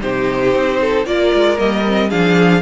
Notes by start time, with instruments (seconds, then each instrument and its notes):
0.00 cello C3, viola D#4, violin G4 C5
0.54 cello C4
0.80 violin A4
1.05 cello A#3, viola F4, violin A#4 D5
1.33 cello G#3
1.56 cello G3, viola A#3, violin D#5
1.86 viola C4
2.09 cello F3, viola D4, violin G#4 F5